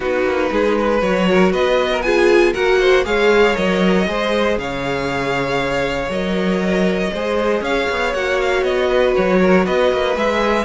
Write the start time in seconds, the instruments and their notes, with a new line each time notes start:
0.00 cello B3, viola D#4, violin F#4 B4
0.24 cello A#3
0.51 cello G#3, violin G#4
0.78 violin B4
1.01 cello F#3, viola F#4, violin C#5
1.30 violin A#4
1.52 cello B3, violin B4 D#5
1.91 violin A#4
2.01 viola F4, violin G#4 G#5
2.53 cello A#3, viola F#4, violin A#4 F#5
2.79 violin C5
3.04 cello G#3, viola G#4, violin C#5 F5
3.55 cello F#3, viola A#4, violin D#5
4.07 cello G#3, viola G#4, violin C5
4.57 cello C#3, violin C#5 F5
6.08 cello F#3, viola A#4, violin D#5
7.12 cello G#3, viola G#4, violin C5
7.61 cello C#4, violin C#5 F5
7.90 cello B3
8.14 cello A#3, viola F#4, violin F#5
8.41 violin F5
8.62 cello B3, violin D#5
8.88 violin B4
9.16 cello F#3, violin C#5
9.40 violin A#4
9.64 cello B3, violin B4 D#5
9.92 cello A#3
10.15 cello G#3, viola G#4, violin E5